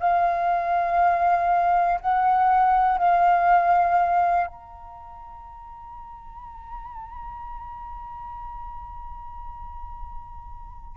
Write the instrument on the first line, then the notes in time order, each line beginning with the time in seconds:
flute
0.00 F5
2.00 F#5
2.99 F5
4.47 A#5